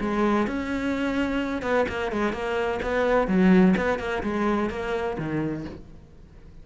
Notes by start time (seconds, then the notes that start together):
0.00 G#3
0.47 C#4
1.62 B3
1.89 A#3
2.12 G#3
2.33 A#3
2.82 B3
3.27 F#3
3.77 B3
3.99 A#3
4.23 G#3
4.70 A#3
5.18 D#3